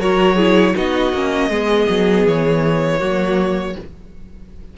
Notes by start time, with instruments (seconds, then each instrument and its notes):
0.00 cello F#3, viola F#4, violin A#4 C#5
0.36 viola E4, violin G#4
0.75 cello B3, viola D#4, violin F#4 D#5
1.14 cello A#3, viola C#4
1.50 cello G#3, viola B3, violin G#4
1.89 cello F#3
2.26 cello E3, violin C#5
2.99 cello F#3, viola A#3, violin F#4